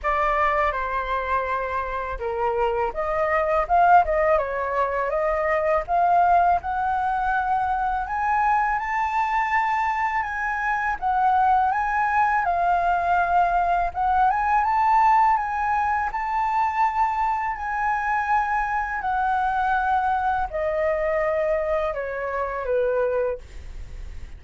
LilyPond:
\new Staff \with { instrumentName = "flute" } { \time 4/4 \tempo 4 = 82 d''4 c''2 ais'4 | dis''4 f''8 dis''8 cis''4 dis''4 | f''4 fis''2 gis''4 | a''2 gis''4 fis''4 |
gis''4 f''2 fis''8 gis''8 | a''4 gis''4 a''2 | gis''2 fis''2 | dis''2 cis''4 b'4 | }